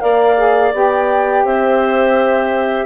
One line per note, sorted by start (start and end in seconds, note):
0.00 0.74 A#3
0.00 0.36 A#4
0.00 1.45 D5
0.00 0.72 F5
0.37 0.73 G#4
0.73 1.45 B3
0.73 2.86 G4
0.73 1.46 G5
1.45 2.86 C4
1.45 2.86 C5
1.45 2.86 E5